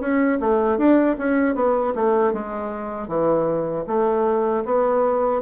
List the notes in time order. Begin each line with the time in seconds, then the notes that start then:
0.00 C#4
0.40 A3
0.78 D4
1.18 C#4
1.55 B3
1.95 A3
2.33 G#3
3.08 E3
3.87 A3
4.65 B3